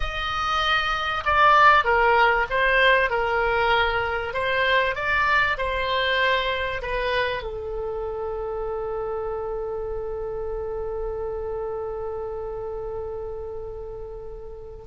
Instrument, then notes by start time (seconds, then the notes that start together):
oboe
0.00 D#5
1.25 D5
1.84 A#4
2.50 C5
3.10 A#4
4.33 C5
4.95 D5
5.57 C5
6.82 B4
7.43 A4